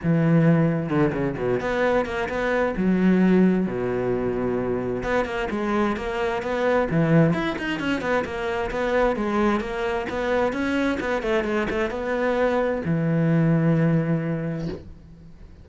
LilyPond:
\new Staff \with { instrumentName = "cello" } { \time 4/4 \tempo 4 = 131 e2 d8 cis8 b,8 b8~ | b8 ais8 b4 fis2 | b,2. b8 ais8 | gis4 ais4 b4 e4 |
e'8 dis'8 cis'8 b8 ais4 b4 | gis4 ais4 b4 cis'4 | b8 a8 gis8 a8 b2 | e1 | }